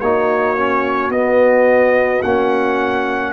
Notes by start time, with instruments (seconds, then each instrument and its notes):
0.00 tuba A#3, trombone D#4, horn F#4, trumpet C#5
0.57 trombone C#4
1.10 tuba B3, trombone B3, trumpet D#5
2.22 tuba A#3, trombone C#4, trumpet F#5